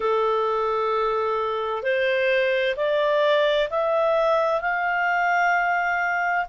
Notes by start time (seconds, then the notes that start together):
0.00 A4
1.83 C5
2.76 D5
3.70 E5
4.61 F5